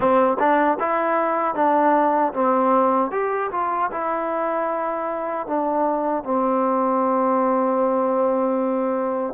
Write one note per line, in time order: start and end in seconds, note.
0.00 0.37 C4
0.39 0.78 D4
0.79 1.54 E4
1.54 2.32 D4
2.33 3.11 C4
3.11 3.50 G4
3.51 3.90 F4
3.91 5.47 E4
5.47 6.23 D4
6.23 9.34 C4